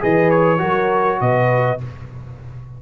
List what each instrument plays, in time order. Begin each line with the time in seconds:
0.00 tuba E3, trombone G#4, horn B4, trumpet D#5
0.30 trumpet C#5
0.58 tuba F#3, trombone F#4, horn A#4
1.21 tuba B2, horn B4, trumpet D#5